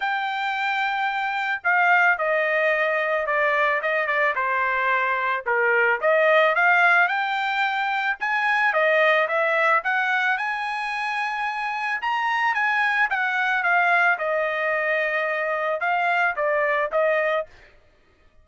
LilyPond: \new Staff \with { instrumentName = "trumpet" } { \time 4/4 \tempo 4 = 110 g''2. f''4 | dis''2 d''4 dis''8 d''8 | c''2 ais'4 dis''4 | f''4 g''2 gis''4 |
dis''4 e''4 fis''4 gis''4~ | gis''2 ais''4 gis''4 | fis''4 f''4 dis''2~ | dis''4 f''4 d''4 dis''4 | }